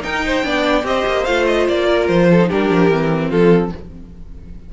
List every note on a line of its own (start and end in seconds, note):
0.00 0.41 D#4
0.00 0.44 D#4
0.00 0.24 A#4
0.00 0.85 G5
0.25 0.45 C5
0.43 0.83 B3
0.43 0.83 D4
0.43 0.86 D5
0.83 1.04 C4
0.83 1.24 G4
0.83 1.86 C5
0.83 1.24 D#5
1.06 1.27 A#3
1.24 1.68 A3
1.24 2.39 F4
1.24 1.45 F5
1.46 1.67 D#5
1.68 2.08 A#3
1.68 2.07 D5
1.86 2.27 A#4
2.07 2.49 F3
2.07 2.48 C5
2.31 2.48 A4
2.40 2.50 D#4
2.48 2.70 G3
2.48 2.91 D4
2.48 3.29 G4
2.48 3.30 A#4
2.70 2.89 F3
2.89 3.30 E3
2.89 3.73 C4
3.29 3.71 F3
3.29 3.70 F4
3.29 3.71 A4